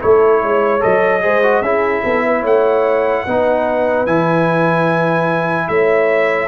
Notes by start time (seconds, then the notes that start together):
0.00 A3 E4 A4 C#5
0.42 G#3 C#5
0.80 F#3 A4 D#5
1.21 G#3 G#4 C5
1.43 F#4
1.62 C#4 E4 G#4 E5
2.03 B3 A4
2.26 B4
2.42 A3 C#5 F#5
3.25 B3 D#4 B4
4.07 E3 E4 G#5
5.69 A3 C#5 E5